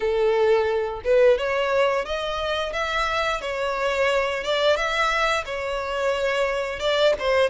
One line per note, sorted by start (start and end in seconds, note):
0.00 1.01 A4
1.04 1.38 B4
1.38 2.05 C#5
2.05 2.72 D#5
2.72 3.41 E5
3.41 4.43 C#5
4.43 4.76 D5
4.76 5.44 E5
5.45 6.79 C#5
6.79 7.13 D5
7.19 7.49 C5